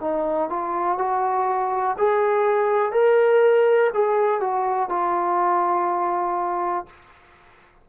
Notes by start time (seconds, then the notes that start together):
0.00 D#4
0.49 F4
0.98 F#4
1.98 G#4
2.92 A#4
3.93 G#4
4.40 F#4
4.89 F4